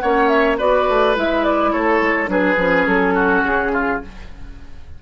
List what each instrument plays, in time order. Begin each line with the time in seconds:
0.00 bassoon A#3, clarinet C#4, oboe C#5, flute F#5
0.28 flute E5
0.58 bassoon B3, clarinet F#4, oboe B4, flute D5
0.89 bassoon A3
1.15 bassoon G#3, clarinet E4, flute E5
1.44 flute D5
1.72 bassoon A3, oboe A4, flute C#5
2.01 bassoon G#3
2.27 bassoon F#3, clarinet D4, oboe G#4, flute B4
2.57 bassoon F3, clarinet C#4
2.87 bassoon F#3, flute A4
3.14 oboe F#4
3.42 bassoon C#3, flute G#4
3.73 oboe F4